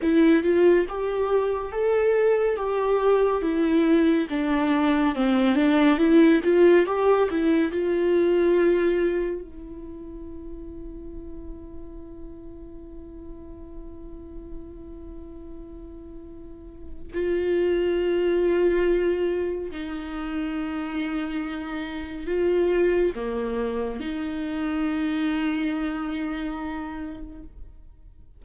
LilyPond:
\new Staff \with { instrumentName = "viola" } { \time 4/4 \tempo 4 = 70 e'8 f'8 g'4 a'4 g'4 | e'4 d'4 c'8 d'8 e'8 f'8 | g'8 e'8 f'2 e'4~ | e'1~ |
e'1 | f'2. dis'4~ | dis'2 f'4 ais4 | dis'1 | }